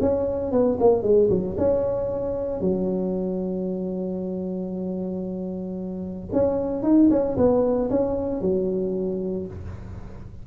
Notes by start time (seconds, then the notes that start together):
0.00 C#4
0.51 B3
0.80 A#3
1.02 G#3
1.29 F#3
1.57 C#4
2.61 F#3
6.32 C#4
6.83 D#4
7.10 C#4
7.37 B3
7.89 C#4
8.41 F#3